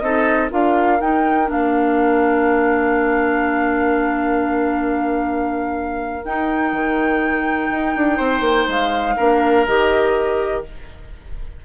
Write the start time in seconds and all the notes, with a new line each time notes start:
0.00 C4 D#4 A4 D#5
0.50 D4 F4 A#4 F5
1.01 D#4 G5
1.46 A#3 D4 F5
6.25 D#4 G5
6.73 D#3
7.71 D#4
7.97 D4
8.17 C4 C5
8.41 A#3
8.68 G#3 F5
9.17 A#3 D4 A#4
9.67 D#3 G4 D#5